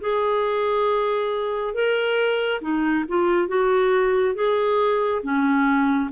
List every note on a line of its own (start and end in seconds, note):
0.00 1.74 G#4
1.74 2.60 A#4
2.61 3.04 D#4
3.08 3.47 F4
3.47 4.34 F#4
4.34 5.21 G#4
5.23 6.09 C#4